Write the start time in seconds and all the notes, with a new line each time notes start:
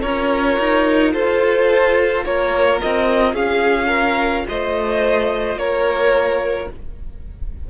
0.00 C#4 F4 A#4 C#5
0.58 D#4
1.13 F4 A4 C5
2.24 A#3 A#4 C#5
2.81 C4 D#5
3.33 C#4 G#4 F5
3.87 A#4
4.48 A3 C5 D#5
5.55 A#3 A#4 C#5